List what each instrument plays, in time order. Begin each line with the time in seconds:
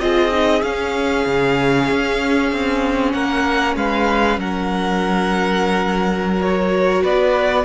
0.00 cello C4, viola F4, violin G#4 D#5
0.32 viola D#4
0.62 cello C#4, viola C#4, violin F5
1.26 cello C#3
1.91 cello C#4
2.53 cello C4
3.12 cello A#3, violin A#4 F#5
3.76 cello G#3, violin B4 F5
4.38 cello F#3, violin A#4 F#5
6.41 viola F#4, violin C#5
7.03 cello B3, violin B4 D5